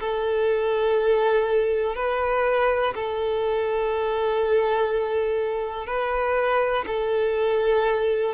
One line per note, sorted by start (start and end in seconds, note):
0.00 1.95 A4
1.95 2.94 B4
2.95 5.86 A4
5.86 6.85 B4
6.87 8.34 A4